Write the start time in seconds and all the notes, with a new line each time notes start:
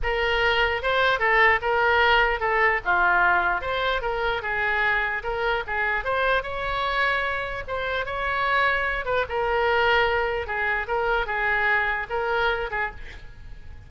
0.03 A#4
0.82 C5
1.19 A4
1.61 A#4
2.40 A4
2.84 F4
3.61 C5
4.01 A#4
4.42 G#4
5.23 A#4
5.66 G#4
6.04 C5
6.42 C#5
7.67 C5
8.05 C#5
9.05 B4
9.28 A#4
10.46 G#4
10.87 A#4
11.26 G#4
12.09 A#4
12.70 G#4